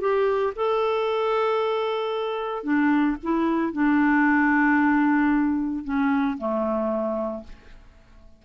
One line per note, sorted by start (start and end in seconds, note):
0.00 0.53 G4
0.55 2.63 A4
2.63 3.16 D4
3.23 3.72 E4
3.72 5.84 D4
5.84 6.37 C#4
6.37 7.44 A3